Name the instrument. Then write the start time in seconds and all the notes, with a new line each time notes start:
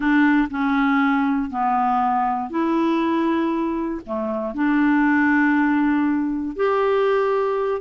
clarinet
0.00 D4
0.50 C#4
1.50 B3
2.50 E4
4.06 A3
4.54 D4
6.56 G4